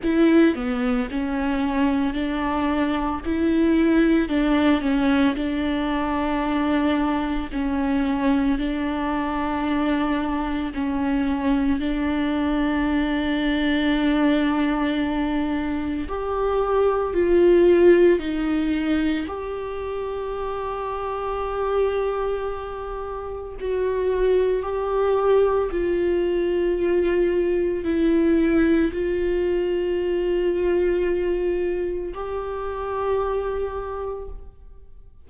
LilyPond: \new Staff \with { instrumentName = "viola" } { \time 4/4 \tempo 4 = 56 e'8 b8 cis'4 d'4 e'4 | d'8 cis'8 d'2 cis'4 | d'2 cis'4 d'4~ | d'2. g'4 |
f'4 dis'4 g'2~ | g'2 fis'4 g'4 | f'2 e'4 f'4~ | f'2 g'2 | }